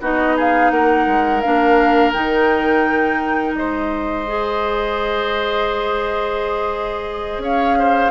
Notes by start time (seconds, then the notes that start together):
0.00 B3 D#4 F#4 D#5
0.36 G#4 F5
0.70 A#3 A#4 F#5
1.06 G#3
1.40 A#3 D4 F5
2.12 D#3 D#4 G5
3.54 G#3 C5 D#5
4.26 G#4
7.37 C#4 C#5 F5
7.78 C5